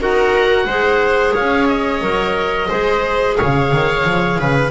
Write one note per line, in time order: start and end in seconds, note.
0.00 0.66 D#4
0.00 0.67 F#4
0.00 0.66 A#4
0.00 1.35 F#5
0.66 1.33 G#3
0.66 2.02 G#4
0.66 1.34 C5
1.34 2.02 C#4
1.34 2.69 C#5
1.34 1.68 F5
1.68 3.37 D#5
2.02 2.69 F#3
2.02 2.69 A#4
2.69 3.39 G#3
2.69 4.71 G#4
2.69 3.36 C5
3.37 3.73 C#3
3.37 4.39 C#5
3.37 4.71 F5
3.73 4.05 D#3
4.05 4.39 F3
4.39 4.71 C#3
4.39 4.71 B4